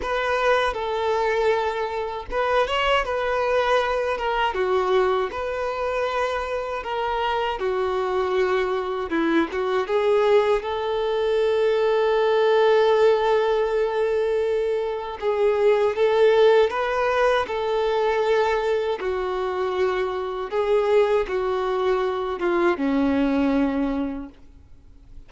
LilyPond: \new Staff \with { instrumentName = "violin" } { \time 4/4 \tempo 4 = 79 b'4 a'2 b'8 cis''8 | b'4. ais'8 fis'4 b'4~ | b'4 ais'4 fis'2 | e'8 fis'8 gis'4 a'2~ |
a'1 | gis'4 a'4 b'4 a'4~ | a'4 fis'2 gis'4 | fis'4. f'8 cis'2 | }